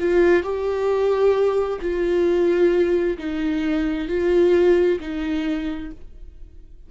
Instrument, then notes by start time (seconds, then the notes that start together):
viola
0.00 F4
0.43 G4
1.82 F4
3.18 D#4
4.09 F4
5.00 D#4